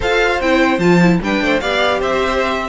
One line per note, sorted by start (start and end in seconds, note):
0.00 0.41 F4
0.00 0.40 A4
0.00 1.19 C5
0.00 0.41 F5
0.41 0.78 C4
0.41 0.80 E4
0.41 0.79 G5
0.78 1.18 F3
0.78 1.00 F4
0.78 1.19 A5
1.01 1.21 E4
1.21 1.41 G3
1.21 1.61 D4
1.21 1.43 B4
1.21 1.60 G5
1.41 1.61 A3
1.41 1.61 C5
1.60 2.01 B3
1.60 2.69 G4
1.60 1.99 D5
1.60 2.00 F5
1.99 2.69 C4
1.99 2.69 C5
1.99 2.69 E5